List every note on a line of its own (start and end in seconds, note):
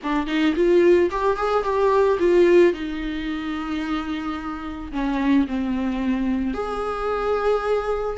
0.03 0.27 D4
0.27 0.54 D#4
0.55 1.10 F4
1.11 1.36 G4
1.36 1.63 G#4
1.63 2.18 G4
2.19 2.73 F4
2.73 4.91 D#4
4.92 5.46 C#4
5.47 6.54 C4
6.54 8.17 G#4